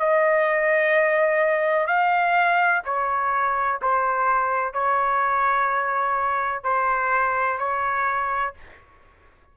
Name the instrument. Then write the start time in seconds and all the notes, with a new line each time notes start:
trumpet
0.00 D#5
1.87 F5
2.85 C#5
3.82 C5
4.74 C#5
6.64 C5
7.59 C#5